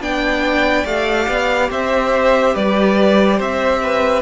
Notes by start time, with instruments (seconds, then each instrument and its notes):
0.00 cello B3, viola D4, violin D5 G5
0.85 cello A3, viola G4, violin F5
1.28 cello B3
1.70 cello C4, violin C5 E5
2.54 cello G3, violin B4 D5
3.37 cello C4, violin C5 E5
3.83 violin B4